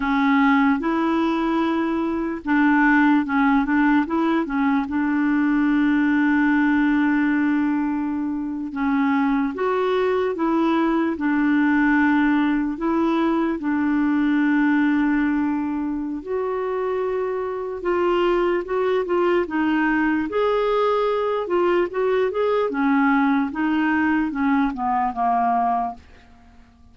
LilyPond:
\new Staff \with { instrumentName = "clarinet" } { \time 4/4 \tempo 4 = 74 cis'4 e'2 d'4 | cis'8 d'8 e'8 cis'8 d'2~ | d'2~ d'8. cis'4 fis'16~ | fis'8. e'4 d'2 e'16~ |
e'8. d'2.~ d'16 | fis'2 f'4 fis'8 f'8 | dis'4 gis'4. f'8 fis'8 gis'8 | cis'4 dis'4 cis'8 b8 ais4 | }